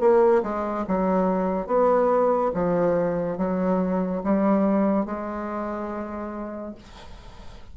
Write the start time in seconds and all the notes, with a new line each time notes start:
0.00 A#3
0.43 G#3
0.88 F#3
1.67 B3
2.54 F3
3.38 F#3
4.24 G3
5.06 G#3